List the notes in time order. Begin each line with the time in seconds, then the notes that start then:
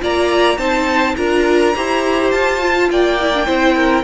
0.00 A#3 F4 D5 A#5
0.58 C4 D#4 C5 A5
1.17 D4 F4 A#4 A#5
1.75 E4 G4 C5
2.31 F4 A5
2.61 F4
2.90 A#3 D5 G5
3.21 E4
3.34 D4
3.46 C4 E4 C5
3.76 A#4